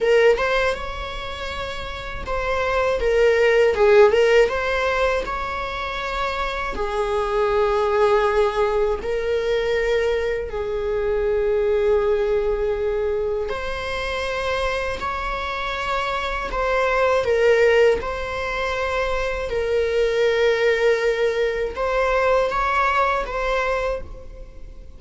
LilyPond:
\new Staff \with { instrumentName = "viola" } { \time 4/4 \tempo 4 = 80 ais'8 c''8 cis''2 c''4 | ais'4 gis'8 ais'8 c''4 cis''4~ | cis''4 gis'2. | ais'2 gis'2~ |
gis'2 c''2 | cis''2 c''4 ais'4 | c''2 ais'2~ | ais'4 c''4 cis''4 c''4 | }